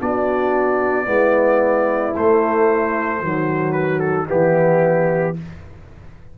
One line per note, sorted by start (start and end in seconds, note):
0.00 1.08 B3
0.00 1.05 D4
0.00 1.07 F#4
0.00 2.16 D5
1.05 2.15 G#3
1.05 2.12 B3
1.05 3.21 E4
2.16 3.21 A3
2.16 3.24 A3
2.16 3.73 C5
3.21 4.28 D#3
3.21 4.27 F#3
3.21 4.28 F#4
3.73 4.00 B4
4.00 4.27 A4
4.27 5.39 E3
4.27 5.34 B3
4.27 5.35 E4
4.27 5.37 G4